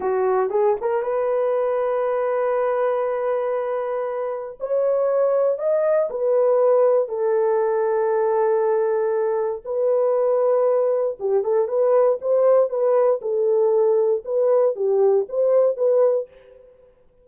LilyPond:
\new Staff \with { instrumentName = "horn" } { \time 4/4 \tempo 4 = 118 fis'4 gis'8 ais'8 b'2~ | b'1~ | b'4 cis''2 dis''4 | b'2 a'2~ |
a'2. b'4~ | b'2 g'8 a'8 b'4 | c''4 b'4 a'2 | b'4 g'4 c''4 b'4 | }